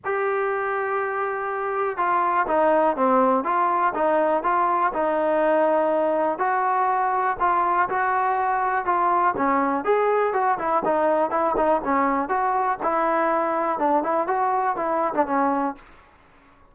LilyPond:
\new Staff \with { instrumentName = "trombone" } { \time 4/4 \tempo 4 = 122 g'1 | f'4 dis'4 c'4 f'4 | dis'4 f'4 dis'2~ | dis'4 fis'2 f'4 |
fis'2 f'4 cis'4 | gis'4 fis'8 e'8 dis'4 e'8 dis'8 | cis'4 fis'4 e'2 | d'8 e'8 fis'4 e'8. d'16 cis'4 | }